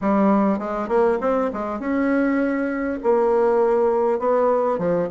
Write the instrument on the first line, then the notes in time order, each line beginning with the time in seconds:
bassoon
0.01 G3
0.58 G#3
0.88 A#3
1.21 C4
1.53 G#3
1.79 C#4
3.03 A#3
4.19 B3
4.78 F3